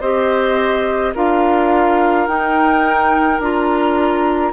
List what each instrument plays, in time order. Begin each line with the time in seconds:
0.00 bassoon C4, clarinet G4, oboe C5, flute D#5
1.14 bassoon D4, clarinet F4, oboe A#4, flute F5
2.27 bassoon D#4, clarinet D#4, flute G5
3.39 bassoon D4, clarinet F4, flute A#5